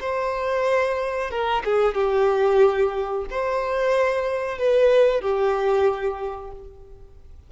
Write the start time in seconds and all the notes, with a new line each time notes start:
0.00 C5
1.30 A#4
1.65 G#4
1.94 G4
3.30 C5
4.58 B4
5.21 G4